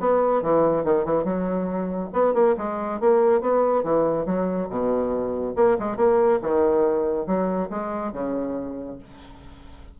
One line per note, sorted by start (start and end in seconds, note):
0.00 0.42 B3
0.42 0.84 E3
0.84 1.05 D#3
1.05 1.24 E3
1.24 2.10 F#3
2.13 2.34 B3
2.34 2.55 A#3
2.58 3.00 G#3
3.00 3.41 A#3
3.41 3.83 B3
3.83 4.26 E3
4.26 4.69 F#3
4.69 5.55 B2
5.56 5.77 A#3
5.79 5.97 G#3
5.97 6.40 A#3
6.42 7.27 D#3
7.27 7.69 F#3
7.70 8.13 G#3
8.13 8.98 C#3